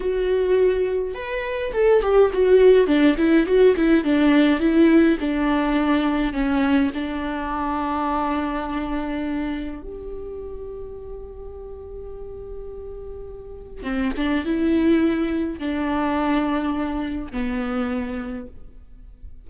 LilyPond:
\new Staff \with { instrumentName = "viola" } { \time 4/4 \tempo 4 = 104 fis'2 b'4 a'8 g'8 | fis'4 d'8 e'8 fis'8 e'8 d'4 | e'4 d'2 cis'4 | d'1~ |
d'4 g'2.~ | g'1 | c'8 d'8 e'2 d'4~ | d'2 b2 | }